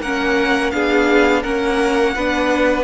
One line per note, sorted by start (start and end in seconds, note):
0.00 0.71 A#3
0.00 0.73 C#4
0.00 0.73 A#4
0.00 0.71 F#5
0.71 1.44 B3
0.71 1.44 D4
0.71 1.42 G#4
0.71 1.42 F5
1.42 2.16 A#3
1.42 2.15 C#4
1.42 2.14 A#4
1.42 2.84 F#5
2.15 2.84 B3
2.15 2.84 D4
2.15 2.84 B4